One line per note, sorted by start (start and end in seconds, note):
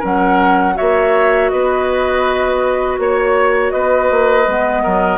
0.00 0.78 F#3
0.00 0.75 C#4
0.00 0.74 A#4
0.00 0.77 F#5
0.75 4.45 F#4
0.75 1.52 C#5
0.75 1.50 E5
0.81 1.52 A#3
1.50 2.99 B3
1.50 3.00 B4
1.50 2.98 D#5
2.99 3.73 A#3
2.99 3.71 C#5
2.99 3.73 C#5
3.71 4.11 B3
3.71 4.83 B4
3.71 5.18 D#5
4.11 4.48 A#3
4.48 4.85 G#3
4.48 5.18 B3
4.83 5.18 F#3
4.83 5.18 A#4